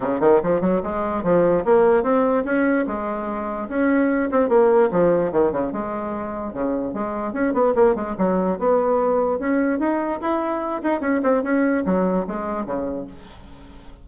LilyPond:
\new Staff \with { instrumentName = "bassoon" } { \time 4/4 \tempo 4 = 147 cis8 dis8 f8 fis8 gis4 f4 | ais4 c'4 cis'4 gis4~ | gis4 cis'4. c'8 ais4 | f4 dis8 cis8 gis2 |
cis4 gis4 cis'8 b8 ais8 gis8 | fis4 b2 cis'4 | dis'4 e'4. dis'8 cis'8 c'8 | cis'4 fis4 gis4 cis4 | }